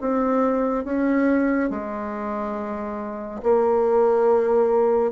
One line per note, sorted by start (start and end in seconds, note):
0.00 0.84 C4
0.84 1.70 C#4
1.70 3.41 G#3
3.43 5.12 A#3